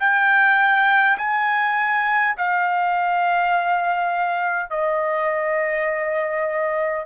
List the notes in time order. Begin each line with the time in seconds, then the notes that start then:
0.00 G5
1.18 G#5
2.37 F5
4.71 D#5